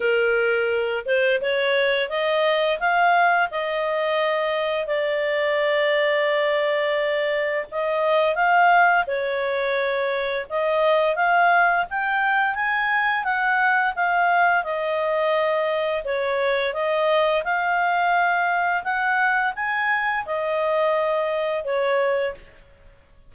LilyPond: \new Staff \with { instrumentName = "clarinet" } { \time 4/4 \tempo 4 = 86 ais'4. c''8 cis''4 dis''4 | f''4 dis''2 d''4~ | d''2. dis''4 | f''4 cis''2 dis''4 |
f''4 g''4 gis''4 fis''4 | f''4 dis''2 cis''4 | dis''4 f''2 fis''4 | gis''4 dis''2 cis''4 | }